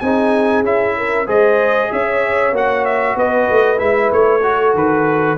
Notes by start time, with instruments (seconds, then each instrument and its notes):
0.00 tuba C4, trombone D#4, horn G#4, trumpet G#5
0.63 tuba C#4, trombone E4, trumpet E5
0.97 horn A#4
1.27 tuba G#3, trombone G#4, horn C5, trumpet D#5
1.91 tuba C#4, horn C#5, trumpet E5
2.52 tuba A#3, trombone F#4, trumpet F#5
2.85 trumpet E5
3.16 tuba B3, horn B4, trumpet D#5
3.50 tuba A3
3.77 tuba G#3, trombone E4, trumpet E5
4.12 tuba A3, trumpet C#5
4.43 trombone F#4, horn A4
4.74 tuba D#3, trumpet B4